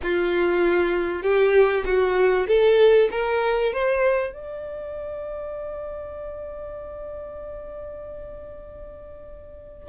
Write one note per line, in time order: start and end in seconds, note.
0.03 1.22 F4
1.22 1.84 G4
1.85 2.47 F#4
2.47 3.09 A4
3.11 3.73 A#4
3.73 4.33 C5
4.33 9.88 D5